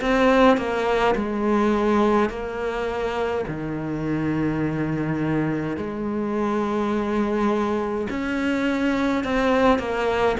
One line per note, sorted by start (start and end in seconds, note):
0.00 0.57 C4
0.57 1.14 A#3
1.15 2.29 G#3
2.29 3.45 A#3
3.47 5.76 D#3
5.76 8.07 G#3
8.10 9.24 C#4
9.24 9.78 C4
9.78 10.36 A#3